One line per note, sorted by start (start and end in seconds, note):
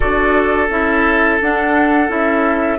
0.00 0.69 D4
0.00 0.68 F#4
0.00 2.78 A4
0.00 0.68 D5
0.69 1.39 C#4
0.69 1.40 E4
0.69 1.40 E5
1.41 2.09 D4
1.41 2.08 D4
1.41 2.11 F#5
2.08 2.78 C#4
2.08 2.78 E4
2.08 2.78 E5